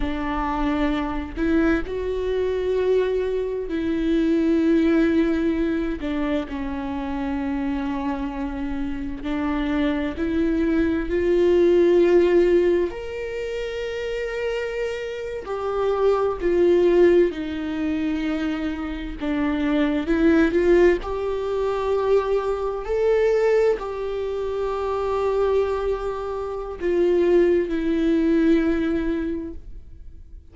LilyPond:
\new Staff \with { instrumentName = "viola" } { \time 4/4 \tempo 4 = 65 d'4. e'8 fis'2 | e'2~ e'8 d'8 cis'4~ | cis'2 d'4 e'4 | f'2 ais'2~ |
ais'8. g'4 f'4 dis'4~ dis'16~ | dis'8. d'4 e'8 f'8 g'4~ g'16~ | g'8. a'4 g'2~ g'16~ | g'4 f'4 e'2 | }